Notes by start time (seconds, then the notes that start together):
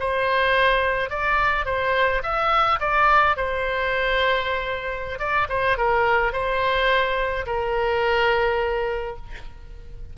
0.00 C5
1.10 D5
1.66 C5
2.23 E5
2.80 D5
3.37 C5
5.19 D5
5.49 C5
5.78 A#4
6.33 C5
7.46 A#4